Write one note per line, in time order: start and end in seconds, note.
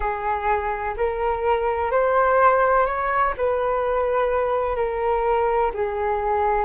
0.00 0.94 G#4
0.96 1.90 A#4
1.90 2.86 C5
2.86 3.33 C#5
3.37 4.76 B4
4.76 5.71 A#4
5.74 6.65 G#4